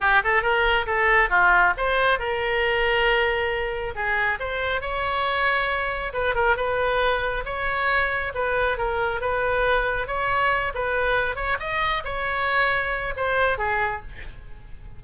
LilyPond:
\new Staff \with { instrumentName = "oboe" } { \time 4/4 \tempo 4 = 137 g'8 a'8 ais'4 a'4 f'4 | c''4 ais'2.~ | ais'4 gis'4 c''4 cis''4~ | cis''2 b'8 ais'8 b'4~ |
b'4 cis''2 b'4 | ais'4 b'2 cis''4~ | cis''8 b'4. cis''8 dis''4 cis''8~ | cis''2 c''4 gis'4 | }